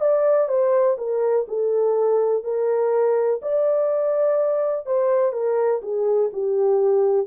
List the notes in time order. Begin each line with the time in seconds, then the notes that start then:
0.00 D5
0.48 C5
0.97 A#4
1.47 A4
2.43 A#4
3.41 D5
4.86 C5
5.32 A#4
5.82 G#4
6.33 G4